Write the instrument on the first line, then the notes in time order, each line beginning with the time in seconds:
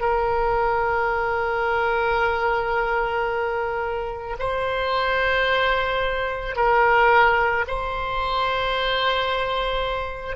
oboe
0.00 A#4
4.38 C5
6.56 A#4
7.67 C5